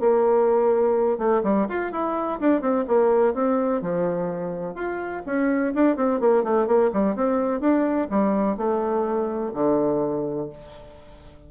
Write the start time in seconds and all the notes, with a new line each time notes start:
0.00 A#3
1.18 A3
1.43 G3
1.69 F4
1.92 E4
2.40 D4
2.61 C4
2.88 A#3
3.34 C4
3.82 F3
4.75 F4
5.26 C#4
5.75 D4
5.97 C4
6.20 A#3
6.44 A3
6.67 A#3
6.93 G3
7.16 C4
7.60 D4
8.10 G3
8.57 A3
9.54 D3